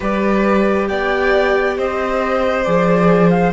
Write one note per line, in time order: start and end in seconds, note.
0.00 0.89 G3
0.00 2.63 G4
0.00 0.88 B4
0.00 0.87 D5
0.87 1.77 B3
0.87 1.77 D5
0.87 1.75 G5
1.77 2.65 C4
1.77 3.52 C5
1.77 2.63 D#5
2.63 3.52 F3
2.63 3.52 G#4
2.63 3.29 D5
3.29 3.51 F5